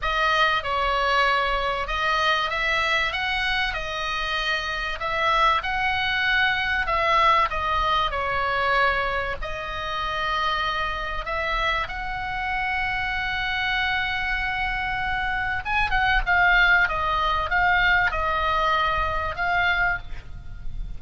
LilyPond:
\new Staff \with { instrumentName = "oboe" } { \time 4/4 \tempo 4 = 96 dis''4 cis''2 dis''4 | e''4 fis''4 dis''2 | e''4 fis''2 e''4 | dis''4 cis''2 dis''4~ |
dis''2 e''4 fis''4~ | fis''1~ | fis''4 gis''8 fis''8 f''4 dis''4 | f''4 dis''2 f''4 | }